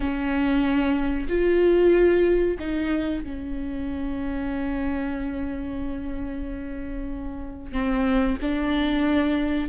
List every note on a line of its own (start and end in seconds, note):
0.00 1.27 C#4
1.28 2.57 F4
2.59 3.23 D#4
3.23 7.72 C#4
7.72 8.37 C4
8.41 9.68 D4